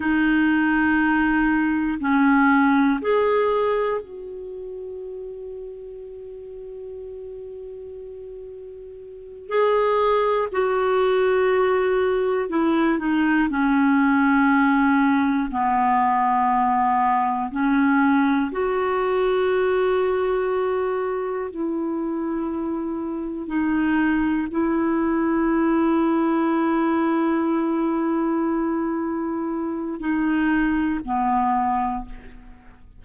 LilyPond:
\new Staff \with { instrumentName = "clarinet" } { \time 4/4 \tempo 4 = 60 dis'2 cis'4 gis'4 | fis'1~ | fis'4. gis'4 fis'4.~ | fis'8 e'8 dis'8 cis'2 b8~ |
b4. cis'4 fis'4.~ | fis'4. e'2 dis'8~ | dis'8 e'2.~ e'8~ | e'2 dis'4 b4 | }